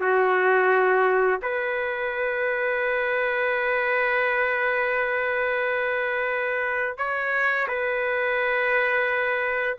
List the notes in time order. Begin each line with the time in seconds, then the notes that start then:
0.00 F#4
1.42 B4
6.98 C#5
7.68 B4